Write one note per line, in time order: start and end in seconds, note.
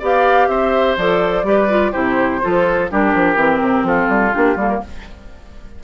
0.00 0.48 B3
0.00 0.98 G4
0.00 0.48 D5
0.00 0.48 F5
0.48 0.96 C4
0.48 1.46 C5
0.48 0.96 E5
0.97 1.44 F3
0.97 1.45 A4
0.97 1.93 D5
1.44 1.92 G3
1.44 1.69 G4
1.44 1.92 B4
1.70 1.93 F4
1.92 2.43 C3
1.92 2.41 E4
1.92 2.40 G4
1.92 2.89 C5
2.43 2.92 F3
2.43 2.90 F4
2.43 2.91 A4
2.90 3.15 G3
2.90 3.36 D4
2.90 3.87 G4
2.90 3.87 A#4
3.15 3.36 F3
3.36 3.60 E3
3.36 4.32 C4
3.62 3.84 C3
3.84 4.08 F3
3.84 4.83 F4
3.84 4.34 A4
4.09 4.33 G3
4.33 4.56 A#3
4.33 4.57 D4
4.33 4.58 G4
4.56 4.80 G3
4.56 4.84 A#3
4.56 4.69 A4
4.69 4.81 A#4